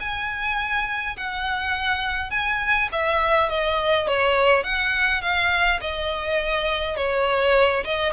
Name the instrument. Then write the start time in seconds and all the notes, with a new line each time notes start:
violin
0.00 G#5
1.17 F#5
2.30 G#5
2.92 E5
3.49 D#5
4.08 C#5
4.64 F#5
5.22 F5
5.81 D#5
6.96 C#5
7.84 D#5